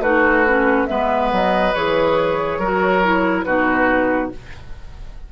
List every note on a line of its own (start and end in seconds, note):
0.00 0.86 A3
0.00 0.46 D#4
0.00 0.88 F#4
0.00 0.87 B4
0.47 0.87 C#4
0.87 1.32 G#3
0.87 1.73 B3
0.87 2.59 B4
0.87 1.30 E5
1.32 1.75 F#3
1.32 1.75 D#5
1.75 2.59 E3
1.75 2.61 G#4
1.75 3.44 C#5
2.59 3.44 F#3
2.59 3.04 F#4
2.59 3.45 A#4
3.04 3.46 E4
3.44 4.32 B2
3.44 4.32 D#4
3.44 4.32 F#4
3.44 4.29 B4